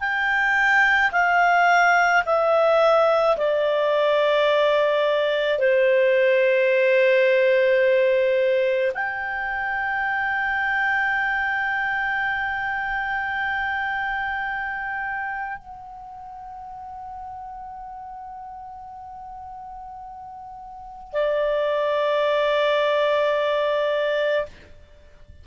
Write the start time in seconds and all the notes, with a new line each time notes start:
0.00 G5
1.12 F5
2.26 E5
3.37 D5
5.59 C5
8.94 G5
15.59 F#5
21.13 D5